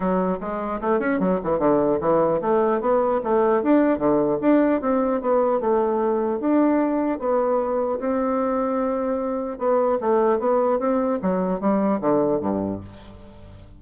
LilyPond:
\new Staff \with { instrumentName = "bassoon" } { \time 4/4 \tempo 4 = 150 fis4 gis4 a8 cis'8 fis8 e8 | d4 e4 a4 b4 | a4 d'4 d4 d'4 | c'4 b4 a2 |
d'2 b2 | c'1 | b4 a4 b4 c'4 | fis4 g4 d4 g,4 | }